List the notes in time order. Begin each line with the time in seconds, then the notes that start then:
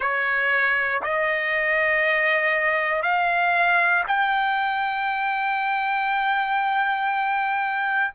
0.00 C#5
1.02 D#5
3.02 F5
4.07 G5